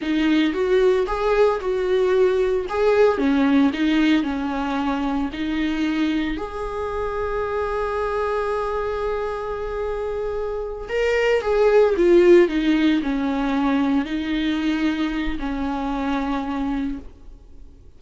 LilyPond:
\new Staff \with { instrumentName = "viola" } { \time 4/4 \tempo 4 = 113 dis'4 fis'4 gis'4 fis'4~ | fis'4 gis'4 cis'4 dis'4 | cis'2 dis'2 | gis'1~ |
gis'1~ | gis'8 ais'4 gis'4 f'4 dis'8~ | dis'8 cis'2 dis'4.~ | dis'4 cis'2. | }